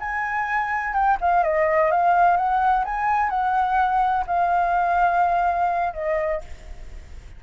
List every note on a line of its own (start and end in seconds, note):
0.00 0.93 G#5
0.93 1.17 G5
1.21 1.43 F5
1.43 1.91 D#5
1.91 2.37 F5
2.37 2.84 F#5
2.84 3.29 G#5
3.29 4.24 F#5
4.27 5.93 F5
5.93 6.41 D#5